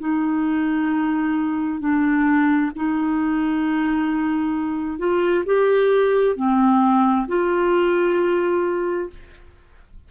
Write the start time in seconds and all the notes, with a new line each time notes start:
0.00 D#4
1.81 D4
2.76 D#4
4.99 F4
5.46 G4
6.36 C4
7.28 F4